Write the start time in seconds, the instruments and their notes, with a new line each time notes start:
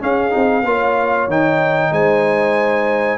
0.00 trombone C#4, tuba C#4, horn G#4, trumpet F5
0.30 tuba C4, trombone D#4
0.64 tuba A#3, trombone F4, horn C#5
1.28 tuba D#3, trombone D#4, trumpet G5
1.92 tuba G#3, horn C5, trumpet G#5